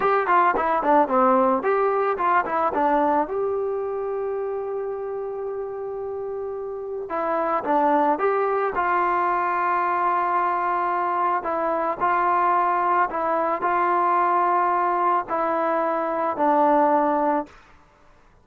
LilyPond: \new Staff \with { instrumentName = "trombone" } { \time 4/4 \tempo 4 = 110 g'8 f'8 e'8 d'8 c'4 g'4 | f'8 e'8 d'4 g'2~ | g'1~ | g'4 e'4 d'4 g'4 |
f'1~ | f'4 e'4 f'2 | e'4 f'2. | e'2 d'2 | }